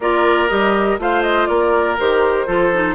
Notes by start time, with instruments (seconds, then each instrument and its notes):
0.00 bassoon A#3, clarinet F4, oboe A#4, flute D5
0.48 bassoon G3, clarinet G4, flute D#5
0.98 bassoon A3, clarinet F4, oboe C5, flute F5
1.22 flute D#5
1.46 bassoon A#3, oboe A#4, flute D5
1.99 bassoon D#3, clarinet G4, flute C5
2.47 bassoon F3, clarinet F4, oboe A4
2.73 clarinet D#4